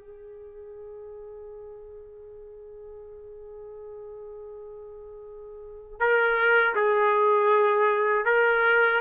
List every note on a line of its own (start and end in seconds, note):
0.00 5.99 G#4
5.99 6.74 A#4
6.75 8.25 G#4
8.25 9.00 A#4